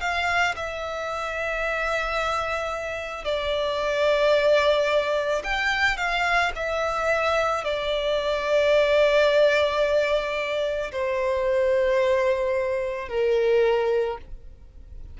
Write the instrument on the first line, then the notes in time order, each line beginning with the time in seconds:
violin
0.00 F5
0.56 E5
3.24 D5
5.44 G5
5.97 F5
6.55 E5
7.64 D5
10.91 C5
13.09 A#4